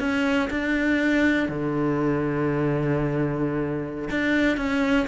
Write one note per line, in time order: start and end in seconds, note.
0.00 0.50 C#4
0.51 1.49 D4
1.49 4.09 D3
4.11 4.58 D4
4.58 5.07 C#4